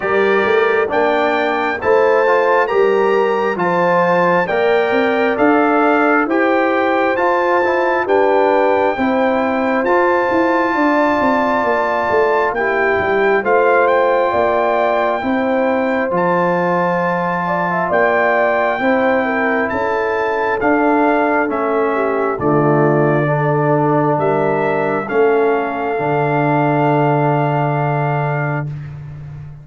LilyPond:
<<
  \new Staff \with { instrumentName = "trumpet" } { \time 4/4 \tempo 4 = 67 d''4 g''4 a''4 ais''4 | a''4 g''4 f''4 g''4 | a''4 g''2 a''4~ | a''2 g''4 f''8 g''8~ |
g''2 a''2 | g''2 a''4 f''4 | e''4 d''2 e''4 | f''1 | }
  \new Staff \with { instrumentName = "horn" } { \time 4/4 ais'4 d''4 c''4 ais'4 | c''4 d''2 c''4~ | c''4 b'4 c''2 | d''2 g'4 c''4 |
d''4 c''2~ c''8 d''16 e''16 | d''4 c''8 ais'8 a'2~ | a'8 g'8 f'4 a'4 ais'4 | a'1 | }
  \new Staff \with { instrumentName = "trombone" } { \time 4/4 g'4 d'4 e'8 f'8 g'4 | f'4 ais'4 a'4 g'4 | f'8 e'8 d'4 e'4 f'4~ | f'2 e'4 f'4~ |
f'4 e'4 f'2~ | f'4 e'2 d'4 | cis'4 a4 d'2 | cis'4 d'2. | }
  \new Staff \with { instrumentName = "tuba" } { \time 4/4 g8 a8 ais4 a4 g4 | f4 ais8 c'8 d'4 e'4 | f'4 g'4 c'4 f'8 e'8 | d'8 c'8 ais8 a8 ais8 g8 a4 |
ais4 c'4 f2 | ais4 c'4 cis'4 d'4 | a4 d2 g4 | a4 d2. | }
>>